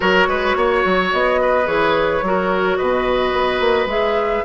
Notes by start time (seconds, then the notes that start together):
0.00 F#3 F#4 A#4 C#5
0.27 G#3 B4
0.56 A#3 C#5
0.85 F#3
1.12 B3 D#5
1.41 B4
1.65 E3 G#4 C#5
2.21 F#3 F#4 A#4
2.76 B2 B4 D#5
3.33 B3
3.60 A#3
3.85 G#3 G#4 E5